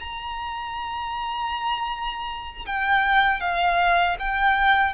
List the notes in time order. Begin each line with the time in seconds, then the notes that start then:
0.00 A#5
2.67 G5
3.41 F5
4.20 G5